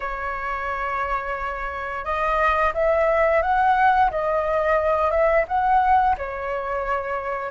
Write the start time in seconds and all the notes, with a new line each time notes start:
0.00 C#5
2.04 D#5
2.73 E5
3.42 F#5
4.10 D#5
5.10 E5
5.47 F#5
6.17 C#5